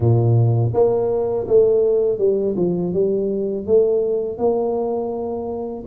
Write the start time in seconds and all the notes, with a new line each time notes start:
0.00 A#2
0.73 A#3
1.47 A3
2.18 G3
2.56 F3
2.93 G3
3.66 A3
4.38 A#3